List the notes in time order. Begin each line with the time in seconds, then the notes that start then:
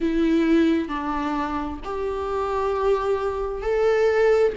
0.00 E4
0.88 D4
1.84 G4
3.62 A4